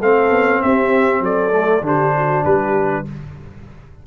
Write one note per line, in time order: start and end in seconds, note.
0.00 0.30 A3
0.00 1.52 C4
0.00 0.63 A4
0.00 0.62 F5
0.30 0.60 B3
0.62 1.20 C4
0.62 1.23 G4
0.62 1.23 E5
1.20 1.81 F#3
1.20 1.84 A4
1.20 1.85 D5
1.52 1.82 A3
1.81 2.43 D3
1.81 3.05 D4
1.81 2.15 G4
1.81 2.45 C5
2.17 2.44 F#4
2.44 3.06 G3
2.44 3.06 G4
2.44 3.06 B4